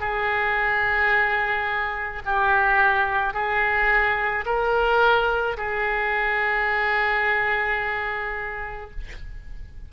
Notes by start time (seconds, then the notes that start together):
0.00 G#4
2.25 G4
3.34 G#4
4.45 A#4
5.57 G#4